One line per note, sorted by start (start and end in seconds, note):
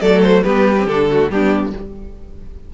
0.00 0.43 F#3
0.00 0.43 A3
0.00 0.43 A4
0.00 0.21 D5
0.22 0.43 C5
0.43 0.85 G3
0.43 0.75 B3
0.43 1.07 G4
0.43 0.86 B4
0.77 0.88 C4
0.85 1.28 D3
0.85 1.09 D4
0.85 1.29 A4
1.10 1.31 A3
1.10 1.31 F#4
1.30 1.72 G3
1.30 1.73 B3
1.30 1.74 D4
1.30 1.73 G4